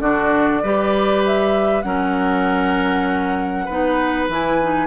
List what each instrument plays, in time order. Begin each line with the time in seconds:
0.00 bassoon D3, clarinet D4, oboe F#4, flute D5
0.62 bassoon G3, clarinet G4, oboe B4
1.26 flute E5
1.81 bassoon F#3, clarinet C#4, oboe A#4, flute F#5
3.65 bassoon B3, clarinet D#4, oboe B4
4.28 bassoon E3, clarinet E4, flute G#5
4.62 clarinet D#4